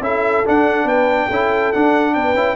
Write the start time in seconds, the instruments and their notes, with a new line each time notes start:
0.00 tuba C#4, trombone E4, horn A4, trumpet E5
0.45 trombone D4, tuba D4, trumpet F#5
0.84 tuba B3, horn B4, trumpet G5
1.26 tuba C#4, trombone E4, horn A4
1.72 trombone D4, tuba D4, trumpet F#5
2.14 tuba B3, horn B4, trumpet G5
2.34 tuba C#4, trombone E4